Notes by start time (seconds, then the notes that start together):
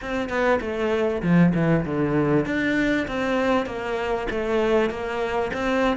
0.01 C4
0.29 B3
0.60 A3
1.22 F3
1.54 E3
1.85 D3
2.45 D4
3.07 C4
3.65 A#3
4.30 A3
4.90 A#3
5.53 C4